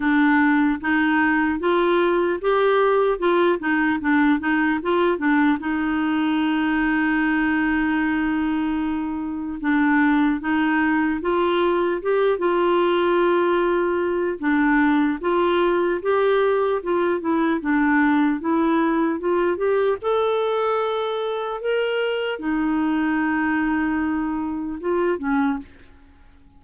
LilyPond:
\new Staff \with { instrumentName = "clarinet" } { \time 4/4 \tempo 4 = 75 d'4 dis'4 f'4 g'4 | f'8 dis'8 d'8 dis'8 f'8 d'8 dis'4~ | dis'1 | d'4 dis'4 f'4 g'8 f'8~ |
f'2 d'4 f'4 | g'4 f'8 e'8 d'4 e'4 | f'8 g'8 a'2 ais'4 | dis'2. f'8 cis'8 | }